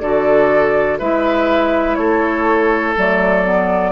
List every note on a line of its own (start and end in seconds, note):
0.00 0.99 D3
0.00 1.01 F#4
0.00 0.99 A4
0.00 0.98 D5
0.99 1.97 G#3
0.99 2.97 E4
0.99 1.98 B4
0.99 1.95 E5
1.95 2.96 A3
1.95 3.92 A4
1.95 2.93 C#5
2.97 3.92 F#3
2.97 3.45 A3
2.97 3.92 D5
3.45 3.92 B3